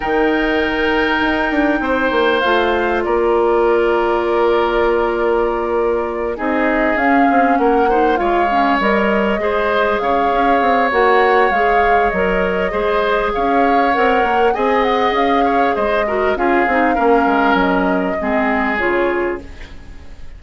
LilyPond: <<
  \new Staff \with { instrumentName = "flute" } { \time 4/4 \tempo 4 = 99 g''1 | f''4 d''2.~ | d''2~ d''8 dis''4 f''8~ | f''8 fis''4 f''4 dis''4.~ |
dis''8 f''4. fis''4 f''4 | dis''2 f''4 fis''4 | gis''8 fis''8 f''4 dis''4 f''4~ | f''4 dis''2 cis''4 | }
  \new Staff \with { instrumentName = "oboe" } { \time 4/4 ais'2. c''4~ | c''4 ais'2.~ | ais'2~ ais'8 gis'4.~ | gis'8 ais'8 c''8 cis''2 c''8~ |
c''8 cis''2.~ cis''8~ | cis''4 c''4 cis''2 | dis''4. cis''8 c''8 ais'8 gis'4 | ais'2 gis'2 | }
  \new Staff \with { instrumentName = "clarinet" } { \time 4/4 dis'1 | f'1~ | f'2~ f'8 dis'4 cis'8~ | cis'4 dis'8 f'8 cis'8 ais'4 gis'8~ |
gis'2 fis'4 gis'4 | ais'4 gis'2 ais'4 | gis'2~ gis'8 fis'8 f'8 dis'8 | cis'2 c'4 f'4 | }
  \new Staff \with { instrumentName = "bassoon" } { \time 4/4 dis2 dis'8 d'8 c'8 ais8 | a4 ais2.~ | ais2~ ais8 c'4 cis'8 | c'8 ais4 gis4 g4 gis8~ |
gis8 cis8 cis'8 c'8 ais4 gis4 | fis4 gis4 cis'4 c'8 ais8 | c'4 cis'4 gis4 cis'8 c'8 | ais8 gis8 fis4 gis4 cis4 | }
>>